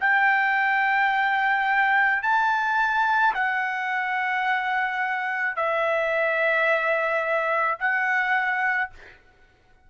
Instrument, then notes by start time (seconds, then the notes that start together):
trumpet
0.00 G5
2.22 A5
3.34 F#5
5.56 E5
7.79 F#5